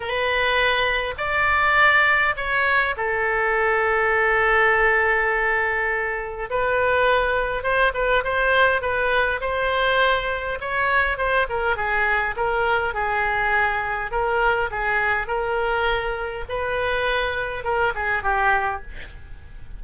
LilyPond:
\new Staff \with { instrumentName = "oboe" } { \time 4/4 \tempo 4 = 102 b'2 d''2 | cis''4 a'2.~ | a'2. b'4~ | b'4 c''8 b'8 c''4 b'4 |
c''2 cis''4 c''8 ais'8 | gis'4 ais'4 gis'2 | ais'4 gis'4 ais'2 | b'2 ais'8 gis'8 g'4 | }